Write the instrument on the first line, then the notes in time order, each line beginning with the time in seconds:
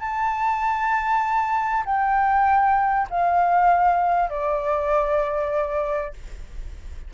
flute
0.00 A5
1.86 G5
3.10 F5
4.30 D5